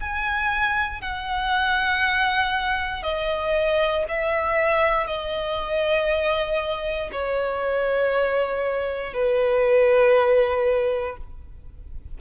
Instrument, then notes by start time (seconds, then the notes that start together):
violin
0.00 G#5
1.01 F#5
3.03 D#5
4.09 E5
5.07 D#5
7.12 C#5
9.14 B4